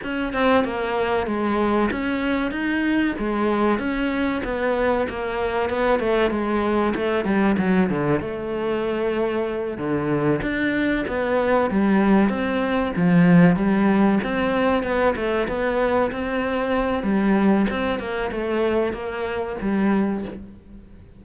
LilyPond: \new Staff \with { instrumentName = "cello" } { \time 4/4 \tempo 4 = 95 cis'8 c'8 ais4 gis4 cis'4 | dis'4 gis4 cis'4 b4 | ais4 b8 a8 gis4 a8 g8 | fis8 d8 a2~ a8 d8~ |
d8 d'4 b4 g4 c'8~ | c'8 f4 g4 c'4 b8 | a8 b4 c'4. g4 | c'8 ais8 a4 ais4 g4 | }